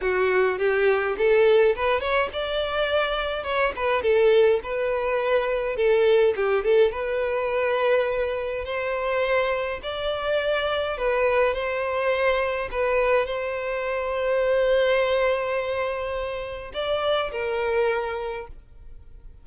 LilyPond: \new Staff \with { instrumentName = "violin" } { \time 4/4 \tempo 4 = 104 fis'4 g'4 a'4 b'8 cis''8 | d''2 cis''8 b'8 a'4 | b'2 a'4 g'8 a'8 | b'2. c''4~ |
c''4 d''2 b'4 | c''2 b'4 c''4~ | c''1~ | c''4 d''4 ais'2 | }